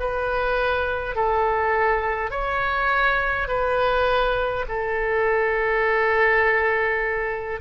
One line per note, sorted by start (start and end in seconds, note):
0.00 1.16 B4
1.16 2.31 A4
2.31 3.48 C#5
3.48 4.66 B4
4.68 7.61 A4